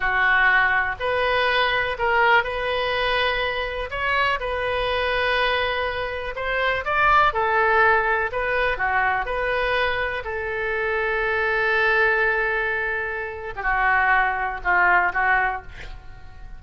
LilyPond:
\new Staff \with { instrumentName = "oboe" } { \time 4/4 \tempo 4 = 123 fis'2 b'2 | ais'4 b'2. | cis''4 b'2.~ | b'4 c''4 d''4 a'4~ |
a'4 b'4 fis'4 b'4~ | b'4 a'2.~ | a'2.~ a'8. g'16 | fis'2 f'4 fis'4 | }